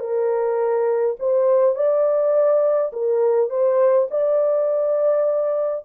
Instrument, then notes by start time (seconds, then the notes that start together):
horn
0.00 A#4
1.20 C5
1.76 D5
2.93 A#4
3.50 C5
4.11 D5